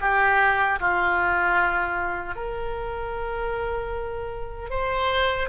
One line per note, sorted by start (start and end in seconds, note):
0.00 0.79 G4
0.80 2.35 F4
2.35 4.70 A#4
4.70 5.49 C5